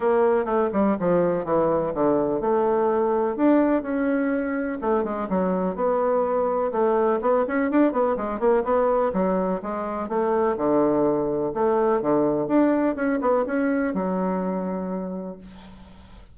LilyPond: \new Staff \with { instrumentName = "bassoon" } { \time 4/4 \tempo 4 = 125 ais4 a8 g8 f4 e4 | d4 a2 d'4 | cis'2 a8 gis8 fis4 | b2 a4 b8 cis'8 |
d'8 b8 gis8 ais8 b4 fis4 | gis4 a4 d2 | a4 d4 d'4 cis'8 b8 | cis'4 fis2. | }